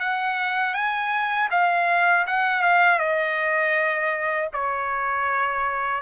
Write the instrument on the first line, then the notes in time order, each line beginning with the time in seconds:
trumpet
0.00 F#5
0.74 G#5
1.51 F5
2.27 F#5
2.62 F5
2.99 D#5
4.53 C#5